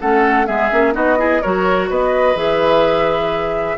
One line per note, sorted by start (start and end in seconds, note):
0.00 0.48 A3
0.00 0.46 C#4
0.00 0.46 A4
0.00 0.46 F#5
0.46 0.71 G#3
0.46 0.69 B3
0.46 0.94 G#4
0.46 0.93 E5
0.71 0.95 A#3
0.71 0.92 C#4
0.92 1.42 B3
0.92 1.16 D#4
0.92 1.18 F#4
0.92 1.42 D#5
1.17 1.41 E4
1.17 1.42 G#4
1.42 1.89 F#3
1.42 2.35 F#4
1.42 1.89 A#4
1.42 1.89 C#5
1.89 2.35 B3
1.89 3.77 B4
1.89 2.36 D#5
2.35 3.76 E3
2.35 3.77 G#4
2.35 3.77 E5